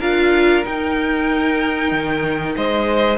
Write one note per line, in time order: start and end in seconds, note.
0.00 0.64 D4
0.00 0.64 F4
0.00 2.55 A#4
0.00 0.65 F5
0.64 3.18 D#4
0.64 1.91 D#4
0.64 2.56 G5
1.91 2.55 D#3
2.56 3.18 G#3
2.56 3.18 C5
2.56 3.18 D#5